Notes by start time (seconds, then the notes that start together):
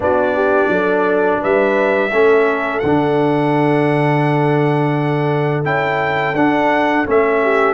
0.00 B3 D4 F#4 D5
0.35 G4
0.67 F#3 A4
1.41 G3 B4 E5
2.10 A3 C#4 A4
2.79 D3 F#5
2.86 D4
5.64 C#4 E4 G5
6.33 D4 F#5
7.05 A3 C#4 E5
7.42 G4